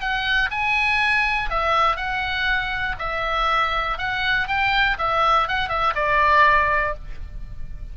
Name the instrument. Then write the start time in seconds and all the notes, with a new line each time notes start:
oboe
0.00 F#5
0.51 G#5
1.50 E5
1.96 F#5
2.99 E5
3.98 F#5
4.47 G5
4.98 E5
5.48 F#5
5.69 E5
5.95 D5